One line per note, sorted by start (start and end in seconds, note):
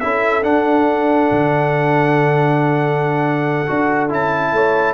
0.00 0.44 C#4
0.00 0.43 E4
0.00 4.54 A4
0.00 0.43 E5
0.43 3.66 D4
0.43 1.30 D4
0.43 4.10 F#5
1.31 3.68 D3
3.67 4.11 D4
3.67 4.09 F#4
4.09 4.52 C#4
4.09 4.94 E4
4.09 4.94 A5
4.52 4.94 A3
4.52 4.94 C#5